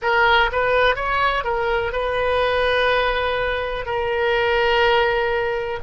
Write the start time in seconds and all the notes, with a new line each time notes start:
0.02 A#4
0.51 B4
0.95 C#5
1.44 A#4
1.92 B4
3.85 A#4